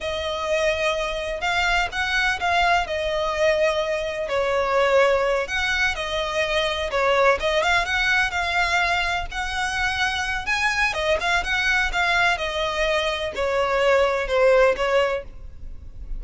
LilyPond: \new Staff \with { instrumentName = "violin" } { \time 4/4 \tempo 4 = 126 dis''2. f''4 | fis''4 f''4 dis''2~ | dis''4 cis''2~ cis''8 fis''8~ | fis''8 dis''2 cis''4 dis''8 |
f''8 fis''4 f''2 fis''8~ | fis''2 gis''4 dis''8 f''8 | fis''4 f''4 dis''2 | cis''2 c''4 cis''4 | }